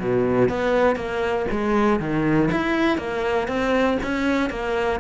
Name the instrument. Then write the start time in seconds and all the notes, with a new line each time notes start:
cello
0.00 B2
0.49 B3
0.96 A#3
1.51 G#3
2.00 D#3
2.52 E4
2.98 A#3
3.48 C4
4.03 C#4
4.50 A#3